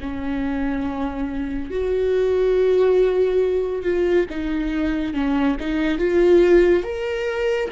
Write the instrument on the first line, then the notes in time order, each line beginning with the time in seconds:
viola
0.00 C#4
1.70 F#4
3.83 F4
4.29 D#4
5.14 C#4
5.59 D#4
5.98 F4
6.83 A#4